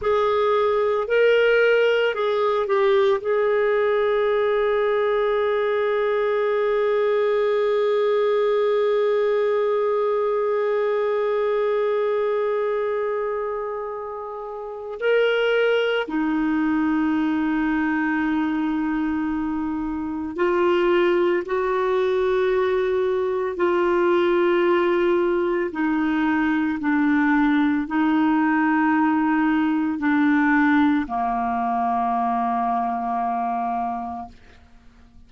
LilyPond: \new Staff \with { instrumentName = "clarinet" } { \time 4/4 \tempo 4 = 56 gis'4 ais'4 gis'8 g'8 gis'4~ | gis'1~ | gis'1~ | gis'2 ais'4 dis'4~ |
dis'2. f'4 | fis'2 f'2 | dis'4 d'4 dis'2 | d'4 ais2. | }